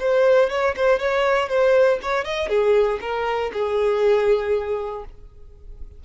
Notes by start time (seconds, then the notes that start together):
0.00 C5
0.50 C#5
0.76 C5
1.00 C#5
1.49 C5
2.02 C#5
2.25 D#5
2.49 G#4
3.01 A#4
3.53 G#4